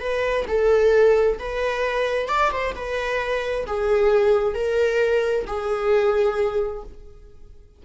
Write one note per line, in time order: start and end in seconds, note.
0.00 0.45 B4
0.48 1.38 A4
1.39 2.28 B4
2.28 2.51 D5
2.52 2.74 C5
2.75 3.66 B4
3.66 4.54 G#4
4.54 5.45 A#4
5.47 6.83 G#4